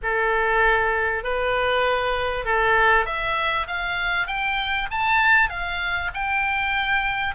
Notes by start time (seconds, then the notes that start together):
0.03 A4
1.23 B4
2.45 A4
3.05 E5
3.67 F5
4.27 G5
4.90 A5
5.49 F5
6.14 G5